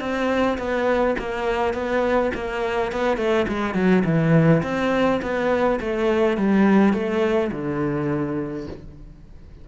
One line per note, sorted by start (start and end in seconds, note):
0.00 0.58 C4
0.58 1.16 B3
1.19 1.74 A#3
1.74 2.31 B3
2.34 2.92 A#3
2.92 3.17 B3
3.17 3.46 A3
3.48 3.74 G#3
3.74 4.03 F#3
4.05 4.63 E3
4.63 5.21 C4
5.22 5.80 B3
5.81 6.37 A3
6.37 6.93 G3
6.93 7.51 A3
7.52 8.67 D3